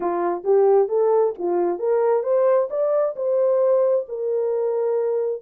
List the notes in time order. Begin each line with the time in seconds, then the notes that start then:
0.00 F4
0.44 G4
0.88 A4
1.38 F4
1.78 A#4
2.23 C5
2.69 D5
3.15 C5
4.08 A#4